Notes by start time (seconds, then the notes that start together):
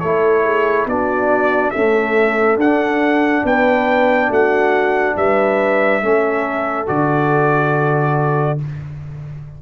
0.00 A3 E4 A4 C#5
0.44 G#4
0.85 B3 D4 F#4 D5
1.70 A3 C#4 A4 E5
2.56 D4 F#5
3.44 B3 B4 G5
4.29 A3 F#4 F#5
5.16 G3 B4 E5
6.02 A3 C#4 A4
6.86 D3 F#4 D5